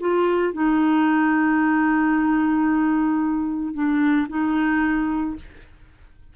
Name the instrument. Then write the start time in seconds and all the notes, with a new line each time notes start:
clarinet
0.00 F4
0.53 D#4
3.74 D4
4.29 D#4